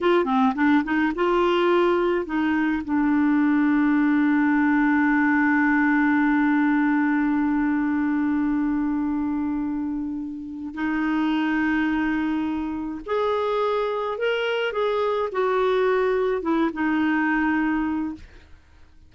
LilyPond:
\new Staff \with { instrumentName = "clarinet" } { \time 4/4 \tempo 4 = 106 f'8 c'8 d'8 dis'8 f'2 | dis'4 d'2.~ | d'1~ | d'1~ |
d'2. dis'4~ | dis'2. gis'4~ | gis'4 ais'4 gis'4 fis'4~ | fis'4 e'8 dis'2~ dis'8 | }